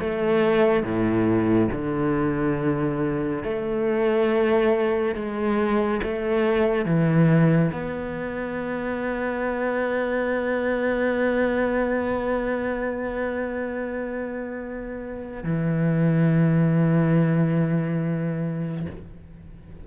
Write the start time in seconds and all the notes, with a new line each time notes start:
0.00 A3
0.83 A2
1.72 D3
3.44 A3
5.15 G#3
6.03 A3
6.86 E3
7.73 B3
15.44 E3